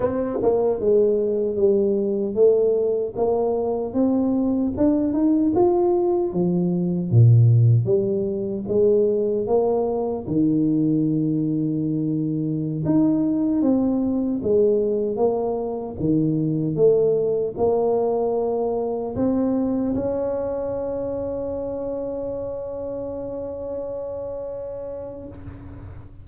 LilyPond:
\new Staff \with { instrumentName = "tuba" } { \time 4/4 \tempo 4 = 76 c'8 ais8 gis4 g4 a4 | ais4 c'4 d'8 dis'8 f'4 | f4 ais,4 g4 gis4 | ais4 dis2.~ |
dis16 dis'4 c'4 gis4 ais8.~ | ais16 dis4 a4 ais4.~ ais16~ | ais16 c'4 cis'2~ cis'8.~ | cis'1 | }